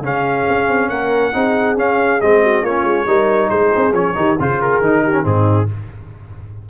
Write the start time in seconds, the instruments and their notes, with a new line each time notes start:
0.00 tuba C#3, trombone C#4, horn G#4, trumpet F5
0.50 tuba C#4
0.69 tuba C4
0.89 tuba A#3, horn A#4, trumpet F#5
1.33 tuba C4, trombone D#4, horn G#4
1.77 trombone C#4, tuba C#4, trumpet F5
2.21 tuba G#3, trombone C4, trumpet D#5
2.43 horn F#4
2.62 tuba A#3, trombone C#4, horn F4, trumpet C#5
2.84 tuba G#3
3.06 tuba G3, trombone D#4, horn A#4
3.49 tuba G#3, horn G#4, trumpet C5
3.76 tuba C4
3.94 tuba F3, trombone C#4, trumpet C#5
4.15 tuba D#3, trombone D#4, horn G4
4.40 tuba C#3, trombone F4, horn G#4, trumpet C5
4.62 trumpet A#4
4.81 tuba D#3, trombone D#4
5.04 horn G4
5.12 trombone C#4
5.23 tuba G#2, trombone C4, horn D#4, trumpet G#4